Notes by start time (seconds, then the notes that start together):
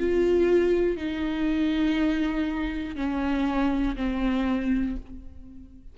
0.00 F4
0.97 D#4
2.96 C#4
3.96 C4